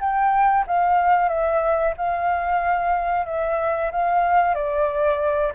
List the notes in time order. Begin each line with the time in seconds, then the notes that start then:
0.00 G5
0.67 F5
1.28 E5
1.97 F5
3.26 E5
3.91 F5
4.54 D5